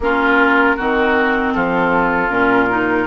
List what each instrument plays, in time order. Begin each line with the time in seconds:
0.00 bassoon A#3, clarinet C#4, oboe F4, flute A#4
0.76 bassoon D#3, clarinet C4, oboe F#4
1.53 bassoon F3, oboe F4, flute A4
2.29 bassoon A#2, clarinet C#4, flute A#4
2.69 clarinet D#4